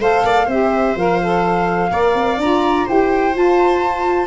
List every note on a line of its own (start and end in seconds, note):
0.00 0.24 A3
0.00 0.48 A4
0.00 0.25 C5
0.00 0.50 F5
0.24 0.47 A#3
0.24 0.46 D5
0.46 0.95 C4
0.46 0.97 G4
0.46 1.88 C5
0.46 0.98 E5
0.96 1.91 F3
0.96 1.22 A#4
0.96 2.41 F5
1.23 1.90 A4
1.90 2.15 A#3
1.90 2.38 A#4
1.90 2.85 D5
2.15 2.38 C4
2.38 2.85 D4
2.38 2.89 F4
2.38 2.88 A#5
2.85 3.36 E4
2.85 3.32 G4
2.85 4.27 C5
2.85 3.37 G5
3.32 4.27 F4
3.32 4.27 A5